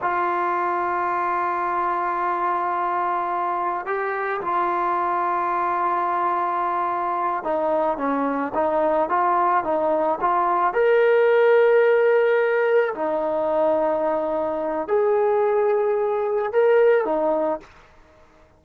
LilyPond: \new Staff \with { instrumentName = "trombone" } { \time 4/4 \tempo 4 = 109 f'1~ | f'2. g'4 | f'1~ | f'4. dis'4 cis'4 dis'8~ |
dis'8 f'4 dis'4 f'4 ais'8~ | ais'2.~ ais'8 dis'8~ | dis'2. gis'4~ | gis'2 ais'4 dis'4 | }